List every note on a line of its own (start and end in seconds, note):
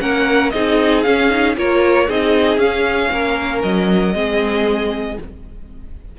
0.00 0.53 A#3
0.00 0.52 C#4
0.00 0.53 A#4
0.00 0.51 F#5
0.51 1.06 C4
0.51 1.05 D#4
0.51 1.57 G#4
0.51 1.03 D#5
1.03 1.30 C#4
1.03 1.57 C#4
1.03 1.55 F5
1.30 1.56 D#4
1.57 2.09 A#3
1.57 2.09 F4
1.57 2.08 A#4
1.57 2.11 C#5
2.08 2.58 C4
2.08 2.60 D#4
2.08 3.12 G#4
2.08 2.59 D#5
2.58 3.10 C#4
2.58 4.14 C#4
2.58 3.62 F5
3.12 3.64 A#3
3.12 4.15 A#4
3.63 4.15 F#3
3.63 5.18 D#5
4.14 5.18 G#3
4.14 5.18 C4
4.14 5.19 G#4